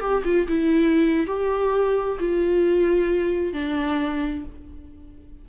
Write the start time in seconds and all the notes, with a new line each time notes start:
0.00 G4
0.24 F4
0.47 E4
1.26 G4
2.19 F4
3.53 D4